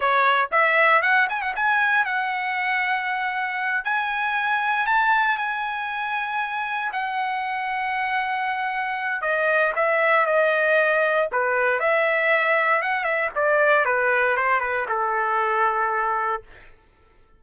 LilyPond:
\new Staff \with { instrumentName = "trumpet" } { \time 4/4 \tempo 4 = 117 cis''4 e''4 fis''8 gis''16 fis''16 gis''4 | fis''2.~ fis''8 gis''8~ | gis''4. a''4 gis''4.~ | gis''4. fis''2~ fis''8~ |
fis''2 dis''4 e''4 | dis''2 b'4 e''4~ | e''4 fis''8 e''8 d''4 b'4 | c''8 b'8 a'2. | }